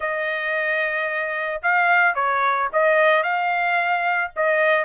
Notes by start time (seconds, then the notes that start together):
0.00 D#5
1.62 F5
2.14 C#5
2.72 D#5
3.23 F5
4.36 D#5